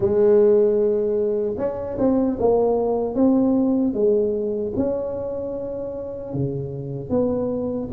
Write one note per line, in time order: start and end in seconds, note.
0.00 1.55 G#3
1.57 1.97 C#4
1.98 2.38 C4
2.39 3.14 A#3
3.14 3.93 C4
3.93 4.72 G#3
4.76 6.33 C#4
6.33 7.09 C#3
7.09 7.88 B3